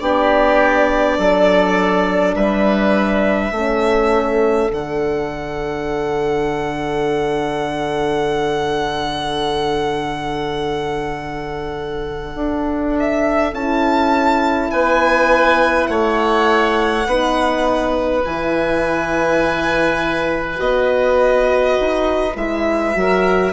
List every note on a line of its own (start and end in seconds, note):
0.00 1.18 B3
0.00 3.54 D4
0.00 1.18 G4
0.00 2.35 D5
1.18 2.35 F#3
1.18 2.36 A4
2.35 3.52 G3
2.35 3.54 B4
2.35 4.71 E5
3.52 4.69 A3
3.52 4.72 C#4
3.52 14.71 A4
4.72 12.36 D3
4.72 13.54 D4
4.72 12.97 F#5
12.36 13.53 D4
13.00 13.55 E5
13.53 14.71 C#4
13.53 17.08 E4
13.53 14.71 A5
14.71 15.89 B3
14.71 15.90 B4
14.71 15.87 G#5
15.87 17.07 A3
15.87 17.08 C#5
15.87 18.23 F#5
17.07 18.24 B3
17.07 18.26 D#4
17.07 22.97 B4
18.25 20.60 E3
18.25 20.57 E4
18.25 20.61 G#5
20.57 21.78 B3
20.57 22.33 F#4
20.57 22.37 D#5
21.80 22.36 D#4
22.36 22.95 G#3
22.36 22.94 E4
22.36 23.53 E5
22.94 23.53 F#3
22.94 23.53 F#4
22.94 23.53 A#4